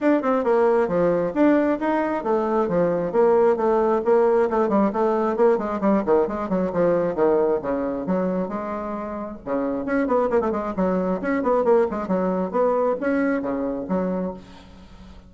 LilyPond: \new Staff \with { instrumentName = "bassoon" } { \time 4/4 \tempo 4 = 134 d'8 c'8 ais4 f4 d'4 | dis'4 a4 f4 ais4 | a4 ais4 a8 g8 a4 | ais8 gis8 g8 dis8 gis8 fis8 f4 |
dis4 cis4 fis4 gis4~ | gis4 cis4 cis'8 b8 ais16 a16 gis8 | fis4 cis'8 b8 ais8 gis8 fis4 | b4 cis'4 cis4 fis4 | }